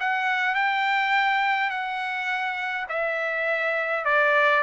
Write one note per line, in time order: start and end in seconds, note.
0.00 0.55 F#5
0.55 1.70 G5
1.70 2.86 F#5
2.89 4.05 E5
4.05 4.63 D5